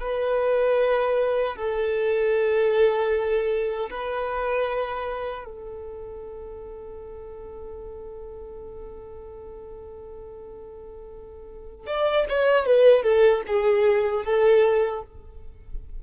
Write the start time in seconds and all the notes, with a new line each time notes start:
0.00 B4
1.56 A4
3.90 B4
5.44 A4
11.86 D5
12.29 C#5
12.66 B4
13.03 A4
13.47 G#4
14.24 A4